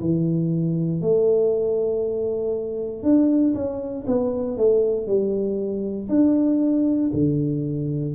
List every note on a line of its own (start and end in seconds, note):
0.00 1.01 E3
1.01 3.03 A3
3.03 3.54 D4
3.54 4.05 C#4
4.06 4.57 B3
4.57 5.06 A3
5.06 6.08 G3
6.09 7.10 D4
7.13 8.14 D3